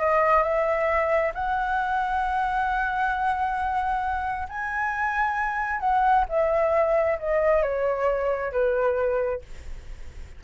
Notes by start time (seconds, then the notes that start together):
0.00 D#5
0.43 E5
1.34 F#5
4.49 G#5
5.80 F#5
6.29 E5
7.19 D#5
7.63 C#5
8.52 B4